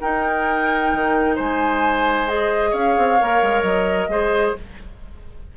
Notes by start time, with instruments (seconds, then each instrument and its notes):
0.00 clarinet D#4, bassoon D#4, oboe A#4, flute G5
0.93 bassoon D#3
1.35 bassoon G#3, oboe C5, flute G#5
2.27 clarinet G#4, flute D#5
2.70 bassoon C#4, oboe C#5, flute F5
2.97 bassoon C4
3.19 bassoon A#3, clarinet A#4
3.42 bassoon G#3
3.62 bassoon F#3, flute D#5
4.07 bassoon G#3, clarinet G#4, oboe C5